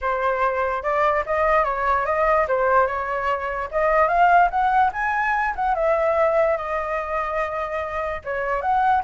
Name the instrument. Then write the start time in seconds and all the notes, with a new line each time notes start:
flute
0.01 C5
0.82 D5
1.26 D#5
1.64 C#5
2.05 D#5
2.48 C5
2.86 C#5
3.71 D#5
4.08 F5
4.50 F#5
4.92 G#5
5.55 F#5
5.75 E5
6.57 D#5
8.24 C#5
8.61 F#5